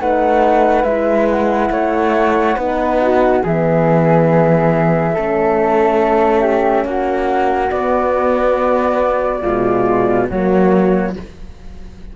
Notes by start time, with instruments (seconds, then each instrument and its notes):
0.00 cello A3, horn D#4, flute B4 F#5
0.84 cello G#3, horn E4, flute E5
1.30 flute F#5
1.71 cello A3, flute C#5
2.57 cello B3, horn D#4, flute B4
3.01 flute F#4
3.43 cello E3, horn B3, flute G#4 E5
5.14 cello A3, horn C#4, flute A4
6.41 flute G4
6.85 cello A#3, flute F#4 F#5
7.71 horn B3, cello B3, flute D5
9.41 cello B2, horn G#3, flute F4
10.28 cello F#3, horn A#3, flute F#4 C#5